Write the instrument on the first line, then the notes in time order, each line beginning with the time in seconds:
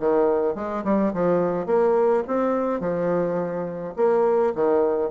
bassoon
0.00 D#3
0.55 G#3
0.84 G3
1.14 F3
1.66 A#3
2.27 C4
2.80 F3
3.96 A#3
4.55 D#3